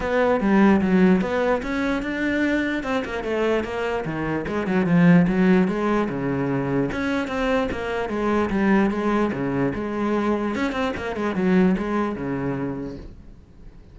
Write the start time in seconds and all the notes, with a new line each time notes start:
0.00 B3
0.40 G3
0.81 F#3
1.21 B3
1.62 C#4
2.02 D4
2.83 C4
3.04 A#3
3.23 A3
3.64 A#3
4.05 D#3
4.47 G#3
4.66 F#3
4.86 F3
5.27 F#3
5.68 G#3
6.09 C#3
6.91 C#4
7.27 C4
7.71 A#3
8.09 G#3
8.50 G3
8.90 G#3
9.32 C#3
9.74 G#3
10.55 C#4
10.72 C4
10.96 A#3
11.16 G#3
11.35 F#3
11.78 G#3
12.15 C#3